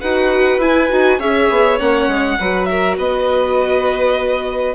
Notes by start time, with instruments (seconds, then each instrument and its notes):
0.00 bassoon D#4, viola F#4, violin B4 F#5
0.58 bassoon E4, viola E4, violin G#5
0.89 bassoon D#4, viola F#4
1.18 bassoon C#4, viola G#4, violin C#5 E5
1.50 bassoon B3
1.78 bassoon A#3, viola C#4, violin F#5
2.07 bassoon G#3
2.39 bassoon F#3, viola F#4, violin B4
2.64 violin A#4 E5
2.97 bassoon B3, violin B4 D#5